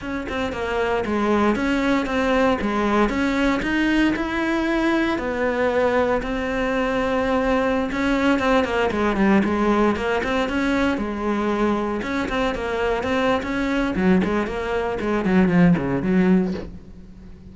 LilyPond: \new Staff \with { instrumentName = "cello" } { \time 4/4 \tempo 4 = 116 cis'8 c'8 ais4 gis4 cis'4 | c'4 gis4 cis'4 dis'4 | e'2 b2 | c'2.~ c'16 cis'8.~ |
cis'16 c'8 ais8 gis8 g8 gis4 ais8 c'16~ | c'16 cis'4 gis2 cis'8 c'16~ | c'16 ais4 c'8. cis'4 fis8 gis8 | ais4 gis8 fis8 f8 cis8 fis4 | }